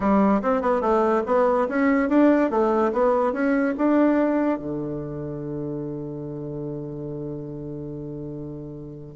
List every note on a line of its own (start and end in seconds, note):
0.00 0.41 G3
0.42 0.61 C4
0.61 0.81 B3
0.81 1.22 A3
1.26 1.67 B3
1.68 2.09 C#4
2.09 2.50 D4
2.50 2.92 A3
2.92 3.32 B3
3.32 3.74 C#4
3.77 4.58 D4
4.58 9.15 D3